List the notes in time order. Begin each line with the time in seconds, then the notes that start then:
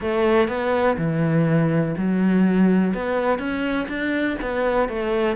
0.00 A3
0.48 B3
0.97 E3
1.97 F#3
2.94 B3
3.38 C#4
3.88 D4
4.41 B3
4.88 A3